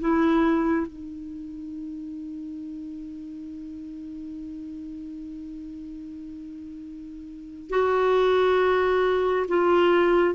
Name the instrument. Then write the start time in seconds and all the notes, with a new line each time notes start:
clarinet
0.00 E4
0.87 D#4
7.70 F#4
9.48 F4